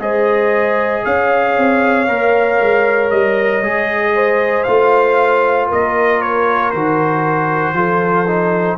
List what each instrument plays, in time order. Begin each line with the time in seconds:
0.00 tuba G#3, trombone G#4, horn C5, trumpet D#5
1.05 tuba C#4, horn C#5, trumpet F5
1.58 tuba C4
2.08 tuba A#3, trombone A#4
2.61 tuba G#3
3.11 tuba G3, trumpet D#5
3.62 tuba G#3, trombone G#4
4.14 horn C5
4.63 tuba A3, trombone F4, trumpet F5
5.68 tuba A#3, horn A#4, trumpet D#5
6.22 trumpet C#5
6.71 tuba D#3, trombone F#4, trumpet C5
7.73 tuba F3, trombone F4, horn A4
8.28 trombone D#4